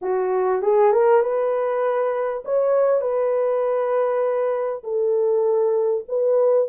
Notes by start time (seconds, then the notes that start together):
0.01 F#4
0.62 G#4
0.92 A#4
1.22 B4
2.44 C#5
3.01 B4
4.83 A4
6.08 B4